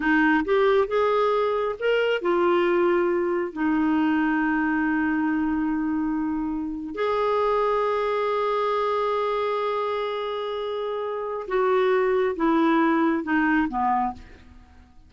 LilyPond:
\new Staff \with { instrumentName = "clarinet" } { \time 4/4 \tempo 4 = 136 dis'4 g'4 gis'2 | ais'4 f'2. | dis'1~ | dis'2.~ dis'8. gis'16~ |
gis'1~ | gis'1~ | gis'2 fis'2 | e'2 dis'4 b4 | }